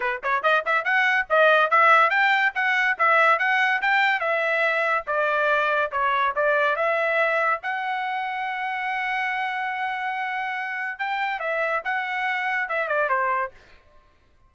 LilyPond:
\new Staff \with { instrumentName = "trumpet" } { \time 4/4 \tempo 4 = 142 b'8 cis''8 dis''8 e''8 fis''4 dis''4 | e''4 g''4 fis''4 e''4 | fis''4 g''4 e''2 | d''2 cis''4 d''4 |
e''2 fis''2~ | fis''1~ | fis''2 g''4 e''4 | fis''2 e''8 d''8 c''4 | }